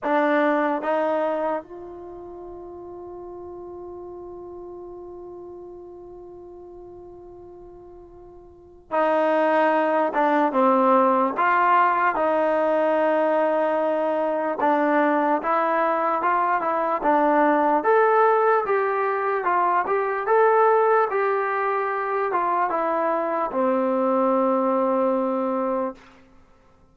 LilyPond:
\new Staff \with { instrumentName = "trombone" } { \time 4/4 \tempo 4 = 74 d'4 dis'4 f'2~ | f'1~ | f'2. dis'4~ | dis'8 d'8 c'4 f'4 dis'4~ |
dis'2 d'4 e'4 | f'8 e'8 d'4 a'4 g'4 | f'8 g'8 a'4 g'4. f'8 | e'4 c'2. | }